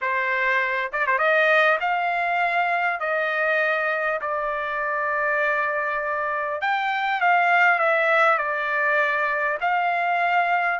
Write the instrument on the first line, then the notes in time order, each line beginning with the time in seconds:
trumpet
0.01 C5
0.92 D5
1.06 C5
1.18 D#5
1.80 F5
3.00 D#5
4.21 D5
6.61 G5
7.21 F5
7.78 E5
8.38 D5
9.60 F5